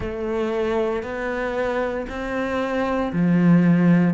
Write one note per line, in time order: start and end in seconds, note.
0.00 1.03 A3
1.03 2.06 B3
2.09 3.12 C4
3.13 4.14 F3